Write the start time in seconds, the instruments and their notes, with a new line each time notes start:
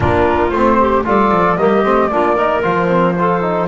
0.00 double bass A#3, trombone D4, clarinet F4, flute A#4
0.50 double bass A3, trombone C4, flute C5
0.79 clarinet G4
1.04 double bass G3, trombone F4, clarinet A4, flute D5
1.31 double bass F3
1.57 double bass G3, trombone A#3, clarinet G4, flute D#5
1.83 double bass A3, trombone C4
2.08 double bass A#3, trombone D4, clarinet F4, flute D5
2.35 trombone D#4, clarinet A#4
2.62 double bass F3, trombone F4, flute C5
2.88 trombone C4
3.18 trombone F4, clarinet A4
3.41 trombone D#4